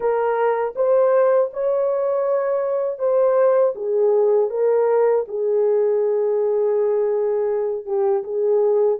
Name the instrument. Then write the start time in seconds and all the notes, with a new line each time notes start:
horn
0.00 A#4
0.75 C5
1.53 C#5
2.98 C5
3.75 G#4
4.50 A#4
5.27 G#4
7.85 G4
8.23 G#4